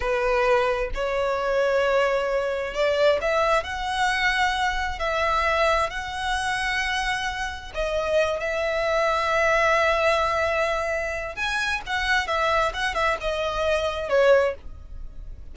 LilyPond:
\new Staff \with { instrumentName = "violin" } { \time 4/4 \tempo 4 = 132 b'2 cis''2~ | cis''2 d''4 e''4 | fis''2. e''4~ | e''4 fis''2.~ |
fis''4 dis''4. e''4.~ | e''1~ | e''4 gis''4 fis''4 e''4 | fis''8 e''8 dis''2 cis''4 | }